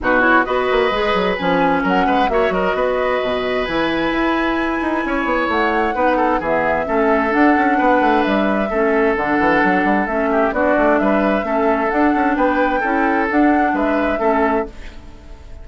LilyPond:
<<
  \new Staff \with { instrumentName = "flute" } { \time 4/4 \tempo 4 = 131 b'8 cis''8 dis''2 gis''4 | fis''4 e''8 dis''2~ dis''8 | gis''1 | fis''2 e''2 |
fis''2 e''2 | fis''2 e''4 d''4 | e''2 fis''4 g''4~ | g''4 fis''4 e''2 | }
  \new Staff \with { instrumentName = "oboe" } { \time 4/4 fis'4 b'2. | ais'8 b'8 cis''8 ais'8 b'2~ | b'2. cis''4~ | cis''4 b'8 a'8 gis'4 a'4~ |
a'4 b'2 a'4~ | a'2~ a'8 g'8 fis'4 | b'4 a'2 b'4 | a'2 b'4 a'4 | }
  \new Staff \with { instrumentName = "clarinet" } { \time 4/4 dis'8 e'8 fis'4 gis'4 cis'4~ | cis'4 fis'2. | e'1~ | e'4 dis'4 b4 cis'4 |
d'2. cis'4 | d'2 cis'4 d'4~ | d'4 cis'4 d'2 | e'4 d'2 cis'4 | }
  \new Staff \with { instrumentName = "bassoon" } { \time 4/4 b,4 b8 ais8 gis8 fis8 f4 | fis8 gis8 ais8 fis8 b4 b,4 | e4 e'4. dis'8 cis'8 b8 | a4 b4 e4 a4 |
d'8 cis'8 b8 a8 g4 a4 | d8 e8 fis8 g8 a4 b8 a8 | g4 a4 d'8 cis'8 b4 | cis'4 d'4 gis4 a4 | }
>>